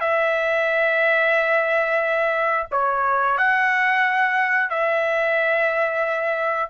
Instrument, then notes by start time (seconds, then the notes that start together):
trumpet
0.00 E5
2.71 C#5
3.38 F#5
4.69 E5